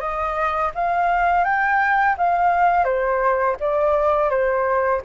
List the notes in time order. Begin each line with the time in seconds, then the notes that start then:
0.00 D#5
0.75 F5
1.44 G5
2.18 F5
2.85 C5
3.60 D5
4.30 C5